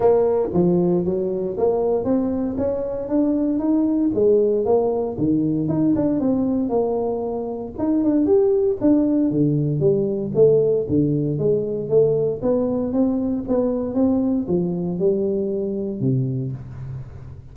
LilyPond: \new Staff \with { instrumentName = "tuba" } { \time 4/4 \tempo 4 = 116 ais4 f4 fis4 ais4 | c'4 cis'4 d'4 dis'4 | gis4 ais4 dis4 dis'8 d'8 | c'4 ais2 dis'8 d'8 |
g'4 d'4 d4 g4 | a4 d4 gis4 a4 | b4 c'4 b4 c'4 | f4 g2 c4 | }